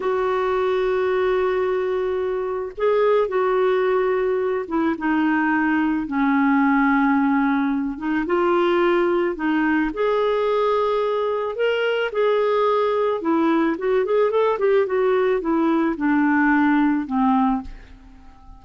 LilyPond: \new Staff \with { instrumentName = "clarinet" } { \time 4/4 \tempo 4 = 109 fis'1~ | fis'4 gis'4 fis'2~ | fis'8 e'8 dis'2 cis'4~ | cis'2~ cis'8 dis'8 f'4~ |
f'4 dis'4 gis'2~ | gis'4 ais'4 gis'2 | e'4 fis'8 gis'8 a'8 g'8 fis'4 | e'4 d'2 c'4 | }